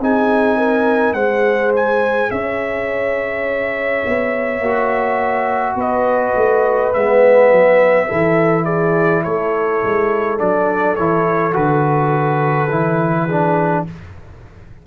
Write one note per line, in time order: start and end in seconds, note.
0.00 1.13 C4
0.00 1.17 D#4
0.00 0.57 G#4
0.00 1.14 G#5
0.57 1.15 A#4
1.13 2.28 G#3
1.13 4.63 G#4
1.13 2.30 C5
1.13 1.71 F#5
1.76 2.31 G#5
2.31 4.04 C#4
2.31 5.75 C#5
2.31 5.77 E5
4.06 4.60 B3
4.60 5.75 A#3
4.60 6.94 F#4
5.75 6.33 B3
5.75 8.06 B4
5.75 6.94 D#5
6.36 6.94 A3
6.94 7.51 G#3
6.94 8.09 B3
6.94 8.65 E5
7.51 8.09 F#3
8.08 9.25 E3
8.08 10.38 E4
8.08 8.65 A4
8.65 9.23 G#4
8.65 9.23 D5
9.23 9.83 A3
9.23 13.25 A4
9.23 10.39 C#5
9.83 10.41 G#3
10.38 10.99 F#3
10.38 10.96 D4
10.38 10.96 D5
10.96 11.55 E3
10.96 11.53 E4
10.96 11.54 C#5
11.53 12.70 D3
11.53 12.68 F#4
11.53 13.86 B4
12.70 13.85 E3
12.70 13.29 E4
13.25 13.87 D4
13.25 13.83 G#4